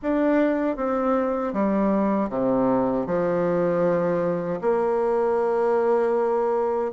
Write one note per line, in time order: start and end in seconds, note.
0.02 0.76 D4
0.76 1.53 C4
1.53 2.29 G3
2.29 3.06 C3
3.06 4.60 F3
4.61 6.92 A#3